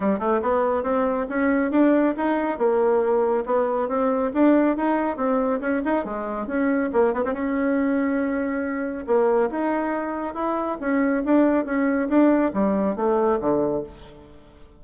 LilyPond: \new Staff \with { instrumentName = "bassoon" } { \time 4/4 \tempo 4 = 139 g8 a8 b4 c'4 cis'4 | d'4 dis'4 ais2 | b4 c'4 d'4 dis'4 | c'4 cis'8 dis'8 gis4 cis'4 |
ais8 b16 c'16 cis'2.~ | cis'4 ais4 dis'2 | e'4 cis'4 d'4 cis'4 | d'4 g4 a4 d4 | }